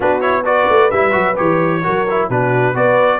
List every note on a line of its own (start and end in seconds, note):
0.00 0.67 B3
0.00 0.21 D4
0.00 0.44 F#4
0.00 0.20 B4
0.20 0.44 E4
0.20 0.43 C#5
0.44 0.90 F#4
0.44 1.83 B4
0.44 0.90 D5
0.69 0.92 A3
0.90 1.14 G3
0.90 1.11 E4
0.90 1.36 E5
1.11 1.37 F#3
1.11 1.34 F#4
1.36 1.85 E3
1.36 1.82 G4
1.36 2.28 C#5
1.83 2.29 F#3
1.83 2.06 F#4
1.83 2.29 A#4
2.09 2.31 E4
2.29 2.75 B2
2.29 2.74 D4
2.29 2.73 F#4
2.29 2.75 B4
2.73 3.19 B3
2.73 3.19 F#4
2.73 3.19 B4
2.73 3.19 D5